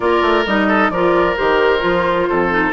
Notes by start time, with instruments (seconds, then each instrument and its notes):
0.00 bassoon A#3, clarinet F4, oboe A#4, flute D5
0.21 bassoon A3
0.46 bassoon G3, clarinet D#4, flute D#5
0.68 oboe A4
0.89 bassoon F3, clarinet F4, oboe A#4, flute D5
1.36 bassoon D#3, clarinet G4, flute C5
1.79 bassoon F3, clarinet F4
2.29 bassoon F2, oboe A4
2.51 clarinet D#4